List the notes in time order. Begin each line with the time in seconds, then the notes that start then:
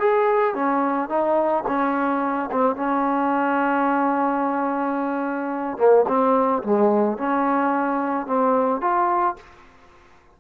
0.00 G#4
0.55 C#4
1.09 D#4
1.68 C#4
2.52 C4
2.76 C#4
5.78 A#3
6.08 C4
6.63 G#3
7.18 C#4
8.27 C4
8.81 F4